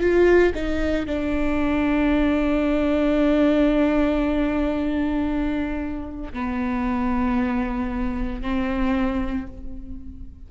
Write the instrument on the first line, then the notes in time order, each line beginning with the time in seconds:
viola
0.00 F4
0.55 D#4
1.06 D4
6.33 B3
8.42 C4